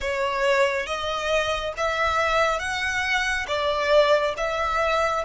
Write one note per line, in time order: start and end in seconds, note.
0.00 0.86 C#5
0.86 1.73 D#5
1.77 2.59 E5
2.59 3.46 F#5
3.47 4.34 D5
4.37 5.24 E5